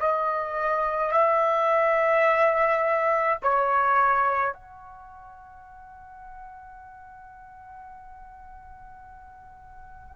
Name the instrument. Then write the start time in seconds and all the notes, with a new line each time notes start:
trumpet
0.00 D#5
1.12 E5
3.43 C#5
4.53 F#5